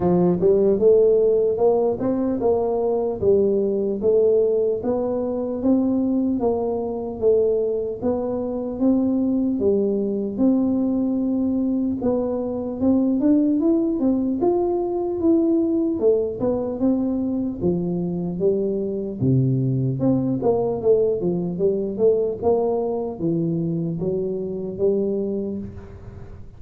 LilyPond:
\new Staff \with { instrumentName = "tuba" } { \time 4/4 \tempo 4 = 75 f8 g8 a4 ais8 c'8 ais4 | g4 a4 b4 c'4 | ais4 a4 b4 c'4 | g4 c'2 b4 |
c'8 d'8 e'8 c'8 f'4 e'4 | a8 b8 c'4 f4 g4 | c4 c'8 ais8 a8 f8 g8 a8 | ais4 e4 fis4 g4 | }